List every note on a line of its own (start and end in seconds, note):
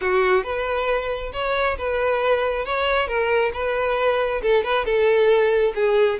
0.01 0.43 F#4
0.43 1.32 B4
1.33 1.77 C#5
1.78 2.65 B4
2.65 3.07 C#5
3.07 3.51 A#4
3.53 4.41 B4
4.42 4.63 A4
4.63 4.85 B4
4.85 5.73 A4
5.75 6.19 G#4